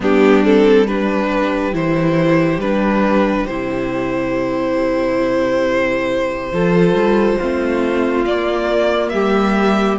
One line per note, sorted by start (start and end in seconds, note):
0.00 1.73 G3
0.00 0.43 B3
0.00 0.87 D4
0.00 0.44 G4
0.43 0.87 C4
0.43 0.87 A4
0.87 1.72 D4
0.87 6.52 G4
0.87 1.74 B4
1.72 2.58 E3
1.72 2.59 E4
1.72 2.60 C5
2.58 3.45 G3
2.58 3.48 D4
2.58 3.47 B4
3.47 6.52 C3
3.47 6.52 E4
3.47 8.25 C5
6.52 6.93 F3
6.52 7.39 F4
6.52 7.38 A4
6.93 7.37 G3
7.38 8.25 A3
7.38 8.26 C4
7.38 9.12 F4
8.25 9.12 A#3
8.25 9.99 A#3
8.25 9.09 D5
9.09 9.99 G3
9.09 9.99 G4
9.09 9.96 E5